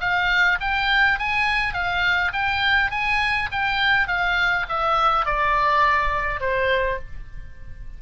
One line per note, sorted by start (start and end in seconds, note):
0.00 0.58 F5
0.60 1.19 G5
1.19 1.74 G#5
1.74 2.32 F5
2.33 2.91 G5
2.91 3.49 G#5
3.51 4.08 G5
4.08 4.66 F5
4.69 5.26 E5
5.26 6.40 D5
6.40 6.98 C5